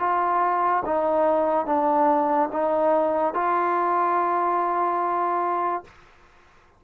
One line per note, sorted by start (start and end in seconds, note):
0.00 0.83 F4
0.86 1.66 D#4
1.66 2.50 D4
2.53 3.34 D#4
3.34 5.84 F4